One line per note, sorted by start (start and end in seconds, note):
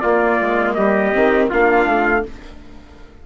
0.00 0.40 A#3
0.00 1.13 A#3
0.00 0.76 F4
0.00 0.73 D5
0.41 0.77 G#3
0.75 1.14 G3
0.75 1.50 G4
0.75 1.48 D#5
1.13 1.52 D#3
1.13 1.49 C4
1.50 1.86 A#3
1.50 2.25 D4
1.50 2.23 F4
1.50 2.26 F5
1.86 2.23 A3